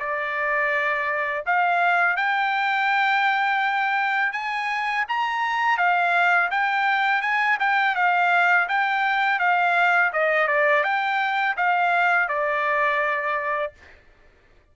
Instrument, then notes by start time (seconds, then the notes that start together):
trumpet
0.00 D5
1.47 F5
2.17 G5
4.33 G#5
5.09 A#5
5.78 F5
6.51 G5
7.22 G#5
7.60 G5
7.96 F5
8.69 G5
9.40 F5
10.13 D#5
10.48 D5
10.84 G5
11.57 F5
12.29 D5